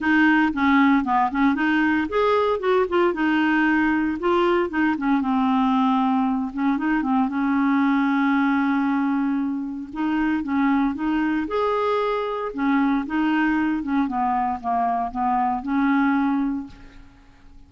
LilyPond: \new Staff \with { instrumentName = "clarinet" } { \time 4/4 \tempo 4 = 115 dis'4 cis'4 b8 cis'8 dis'4 | gis'4 fis'8 f'8 dis'2 | f'4 dis'8 cis'8 c'2~ | c'8 cis'8 dis'8 c'8 cis'2~ |
cis'2. dis'4 | cis'4 dis'4 gis'2 | cis'4 dis'4. cis'8 b4 | ais4 b4 cis'2 | }